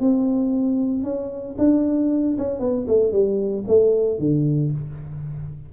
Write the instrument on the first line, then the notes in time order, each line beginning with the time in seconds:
tuba
0.00 C4
1.03 C#4
1.58 D4
2.38 C#4
2.60 B3
2.88 A3
3.12 G3
3.67 A3
4.19 D3